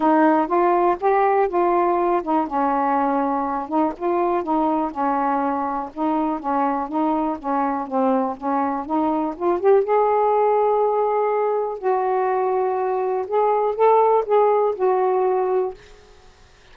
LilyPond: \new Staff \with { instrumentName = "saxophone" } { \time 4/4 \tempo 4 = 122 dis'4 f'4 g'4 f'4~ | f'8 dis'8 cis'2~ cis'8 dis'8 | f'4 dis'4 cis'2 | dis'4 cis'4 dis'4 cis'4 |
c'4 cis'4 dis'4 f'8 g'8 | gis'1 | fis'2. gis'4 | a'4 gis'4 fis'2 | }